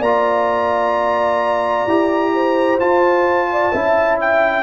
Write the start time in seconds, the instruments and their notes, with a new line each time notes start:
0.00 tuba A#3, trombone F4, horn D5, trumpet A#5
1.87 tuba E4, trombone G4
2.34 horn C5
2.80 tuba F4, trombone F4, trumpet A5
3.52 horn D5
3.74 tuba C#4, trombone E4, horn E5
4.21 trumpet G5